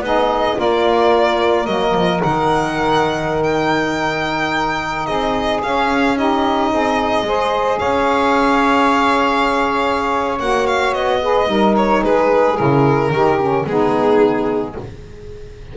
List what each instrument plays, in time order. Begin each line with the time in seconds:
0.00 double bass B3, saxophone D#4 G#4, violin D#5
0.55 double bass A#3, saxophone F4 A#4, violin D5
1.66 double bass F#3, saxophone A#3, violin D#5
1.94 double bass F3
2.20 double bass D#3, saxophone D#4, violin F#5
3.43 violin G5
5.06 double bass C4, saxophone G#4, violin D#5
5.63 saxophone C#4, double bass C#4, violin F5
6.16 saxophone D#4 G4, violin D#5
6.70 double bass C4, saxophone G#4
7.22 double bass G#3, saxophone G#4 C5
7.78 double bass C#4, saxophone C#5, violin F5
10.40 double bass A#3, saxophone F#4, violin F#5
10.66 violin F5
10.92 double bass B3, violin D#5
11.21 saxophone G#4 B4
11.46 double bass G3, saxophone D#4 A#4
11.76 violin C#5
12.03 double bass G#3, saxophone G#4, violin B4
12.56 double bass C#3, saxophone E4, violin A#4
13.10 double bass D#3, saxophone D#4 G4
13.40 saxophone C#4
13.66 double bass G#3, saxophone B3 D#4, violin G#4